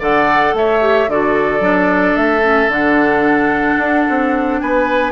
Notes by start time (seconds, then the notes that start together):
0.00 D3 A4 D5 F#5
0.54 A3 C#5 E5
0.81 G4
1.08 D3 F#4 A4 D5
1.60 F#3 D4
2.16 A3 E5
2.42 C#4
2.68 D3 D4 F#5
3.78 D4
4.10 C4
4.61 B3 B4 G#5